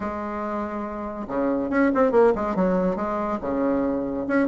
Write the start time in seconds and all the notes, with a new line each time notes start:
0.00 G#3
1.27 C#3
1.69 C#4
1.94 C4
2.11 A#3
2.35 G#3
2.55 F#3
2.96 G#3
3.41 C#3
4.27 C#4